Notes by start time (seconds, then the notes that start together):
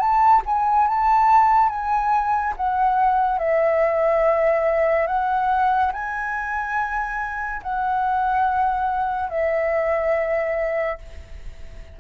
0.00 A5
0.46 G#5
0.88 A5
1.70 G#5
2.57 F#5
3.39 E5
5.08 F#5
5.93 G#5
7.63 F#5
9.30 E5